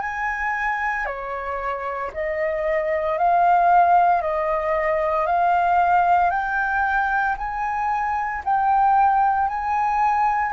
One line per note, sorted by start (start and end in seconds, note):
0.00 1.05 G#5
1.05 2.11 C#5
2.13 3.18 D#5
3.18 4.22 F5
4.22 5.26 D#5
5.26 6.30 F5
6.30 7.35 G5
7.37 8.43 G#5
8.44 9.48 G5
9.48 10.52 G#5